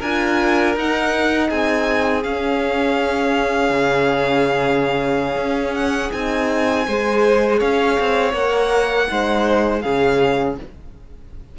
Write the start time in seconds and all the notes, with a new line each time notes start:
0.00 D4 F4 A#4 G#5
0.77 D#4 F#5
1.50 C4 G#4 G#5
2.24 C#4 F5
3.70 C#3
5.37 C#4
5.75 F#5
6.12 C4 D#4 G#5
6.87 G#3 G#4 C5
7.60 C#4 C#5 F5
8.00 C4
8.33 A#3 A#4 F#5
9.08 G#3 D#4 C5
9.81 C#3 C#4 G#4 F5